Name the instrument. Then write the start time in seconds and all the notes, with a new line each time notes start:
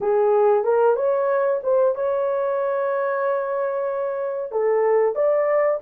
horn
0.00 G#4
0.63 A#4
0.96 C#5
1.63 C5
1.95 C#5
4.51 A4
5.15 D5